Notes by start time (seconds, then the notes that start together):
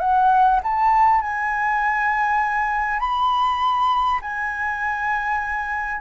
0.00 F#5
0.63 A5
1.21 G#5
2.99 B5
4.22 G#5